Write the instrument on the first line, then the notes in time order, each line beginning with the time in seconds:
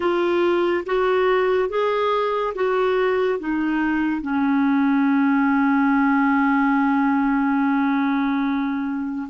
clarinet
0.00 F4
0.86 F#4
1.69 G#4
2.54 F#4
3.39 D#4
4.21 C#4